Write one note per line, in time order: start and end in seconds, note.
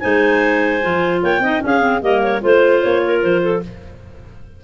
0.00 0.85 G#3
0.00 0.81 D#4
0.00 1.22 C5
0.00 1.20 G#5
0.82 1.23 F3
0.82 1.42 F4
1.23 1.40 A#3
1.23 1.43 C#5
1.23 1.64 G5
1.40 1.60 C4
1.40 1.61 D#4
1.40 1.63 D#5
1.61 1.80 C#4
1.61 2.02 C#4
1.61 2.02 G#4
1.61 2.03 F5
1.80 2.00 C4
2.02 2.42 G3
2.02 2.41 A#3
2.02 2.42 A#4
2.02 2.23 D#5
2.23 2.43 C#5
2.41 2.83 A3
2.41 3.61 F4
2.41 3.03 C5
2.41 2.82 C5
2.82 3.24 A#3
2.82 3.22 C#5
3.05 3.43 A#4
3.23 3.64 F3
3.23 3.63 C5
3.43 3.63 A4